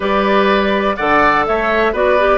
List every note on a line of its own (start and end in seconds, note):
0.00 0.97 G3
0.00 0.97 G4
0.00 0.96 B4
0.00 0.96 D5
0.96 1.47 D3
0.96 1.93 A4
0.96 1.45 D5
0.96 1.44 F#5
1.45 1.92 A3
1.45 1.92 C#5
1.45 1.94 E5
1.92 2.38 B3
1.92 2.17 F#4
1.92 2.38 B4
1.92 2.38 D5
2.18 2.38 G4